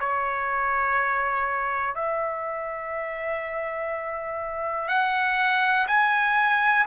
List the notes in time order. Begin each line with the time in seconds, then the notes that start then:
0.00 C#5
1.94 E5
4.88 F#5
5.87 G#5